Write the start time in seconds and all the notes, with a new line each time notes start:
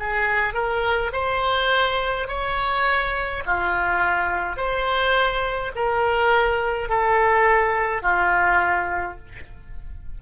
0.00 G#4
0.54 A#4
1.13 C5
2.28 C#5
3.46 F4
4.57 C5
5.75 A#4
6.89 A4
8.02 F4